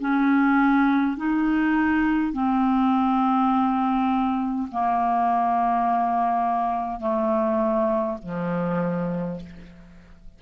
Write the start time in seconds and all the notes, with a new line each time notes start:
0.00 C#4
1.17 D#4
2.33 C4
4.72 A#3
7.00 A3
8.23 F3